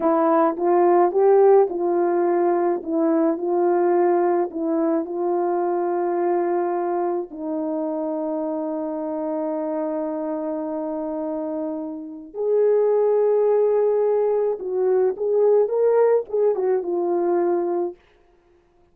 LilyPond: \new Staff \with { instrumentName = "horn" } { \time 4/4 \tempo 4 = 107 e'4 f'4 g'4 f'4~ | f'4 e'4 f'2 | e'4 f'2.~ | f'4 dis'2.~ |
dis'1~ | dis'2 gis'2~ | gis'2 fis'4 gis'4 | ais'4 gis'8 fis'8 f'2 | }